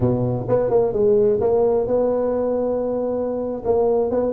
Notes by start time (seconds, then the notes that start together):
0.00 B2
0.48 B3
0.69 A#3
0.93 G#3
1.40 A#3
1.87 B3
3.64 A#3
4.10 B3